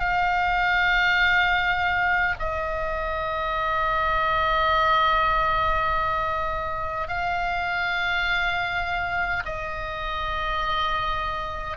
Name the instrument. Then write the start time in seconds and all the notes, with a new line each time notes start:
oboe
0.00 F5
2.40 D#5
7.08 F5
9.45 D#5